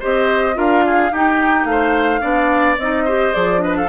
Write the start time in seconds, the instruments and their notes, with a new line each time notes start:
0.00 bassoon C4, clarinet G4, oboe C5, flute D#5
0.54 bassoon D4, clarinet F4, oboe A#4, flute F5
0.86 oboe G#4
1.12 bassoon D#4, clarinet D#4, oboe G4, flute G5
1.65 bassoon A3, oboe C5, flute F5
2.21 bassoon B3, clarinet D4, oboe D5
2.78 bassoon C4, clarinet D#4, flute D#5
3.05 clarinet G4, oboe C5
3.33 bassoon F3, clarinet G#4, flute D5
3.58 clarinet D4, oboe B4, flute D#5
3.77 oboe A4, flute F5